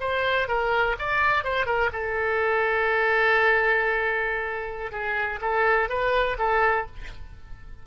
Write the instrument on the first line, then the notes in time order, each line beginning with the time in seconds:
oboe
0.00 C5
0.48 A#4
0.99 D5
1.44 C5
1.66 A#4
1.92 A4
4.92 G#4
5.41 A4
5.90 B4
6.38 A4